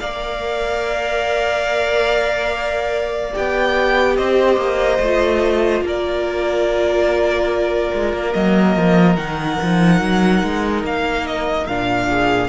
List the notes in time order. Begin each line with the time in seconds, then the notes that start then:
0.00 A#3 A#4 D5 F5
3.32 B3 G4 G5
4.16 C4 C5 D#5
4.57 A#3
4.99 A3 F4
5.81 A#3 A#4
5.87 D5
7.94 G#3
8.12 A#3
8.33 F#3 A#3 D#5
8.76 F3
9.16 D#3 D#4 F#5
9.62 F3
10.01 F#3
10.43 G#3
10.83 A#3 F5
11.27 D#5
11.66 A#2 D4 F5
12.08 G#4